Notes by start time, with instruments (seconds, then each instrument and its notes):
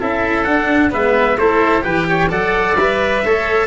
0.00 tuba C#4, cello E4, oboe A4, trumpet E5
0.44 cello D4, tuba D4, trumpet F#5
0.91 tuba G#3, cello B3, oboe B4, trumpet E5
1.37 tuba A3, cello E4, oboe A4, trumpet C5
1.82 tuba E3, cello G4, oboe B4, trumpet G5
2.10 oboe C#5
2.30 tuba F#3, cello A4, oboe D5, trumpet F#5
2.76 tuba G3, cello B4, trumpet E5
3.25 tuba A3, cello A4, oboe C#5